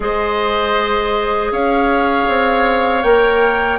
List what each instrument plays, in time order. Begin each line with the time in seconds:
0.00 bassoon G#3, clarinet G#4, oboe C5, flute D#5
1.51 bassoon C#4, oboe C#5, flute F5
2.28 bassoon C4
3.03 bassoon A#3, clarinet A#4, flute G5